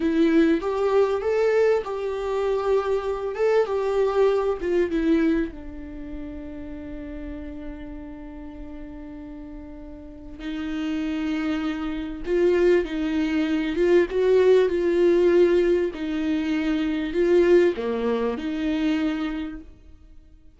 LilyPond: \new Staff \with { instrumentName = "viola" } { \time 4/4 \tempo 4 = 98 e'4 g'4 a'4 g'4~ | g'4. a'8 g'4. f'8 | e'4 d'2.~ | d'1~ |
d'4 dis'2. | f'4 dis'4. f'8 fis'4 | f'2 dis'2 | f'4 ais4 dis'2 | }